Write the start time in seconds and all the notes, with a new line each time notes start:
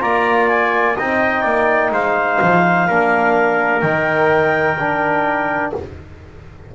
0.00 A#3 F4 D5 A#5
0.49 G#5
0.97 C4 D#4 D#5 G5
1.42 A#3 D5
1.92 G#3 C5 F5
2.42 F3
2.88 A#3 D4 A#4
3.81 D#3 D#4 G5
4.80 D4